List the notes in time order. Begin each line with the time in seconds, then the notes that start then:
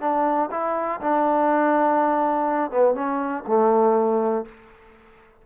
0.00 D4
0.51 E4
1.00 D4
2.71 B3
2.94 C#4
3.47 A3